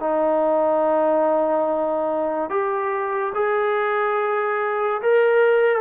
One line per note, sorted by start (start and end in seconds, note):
0.00 2.50 D#4
2.50 3.33 G4
3.34 5.01 G#4
5.02 5.81 A#4